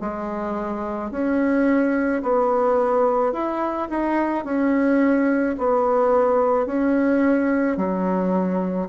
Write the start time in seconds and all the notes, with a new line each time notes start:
0.00 G#3
1.11 C#4
2.23 B3
3.33 E4
3.89 D#4
4.44 C#4
5.58 B3
6.66 C#4
7.77 F#3